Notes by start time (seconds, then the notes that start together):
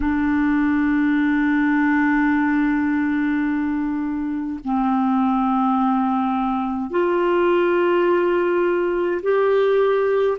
0.00 D4
4.64 C4
6.90 F4
9.22 G4